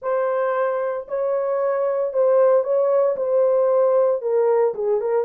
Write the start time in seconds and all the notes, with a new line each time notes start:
0.01 C5
1.07 C#5
2.13 C5
2.63 C#5
3.16 C5
4.21 A#4
4.74 G#4
5.00 A#4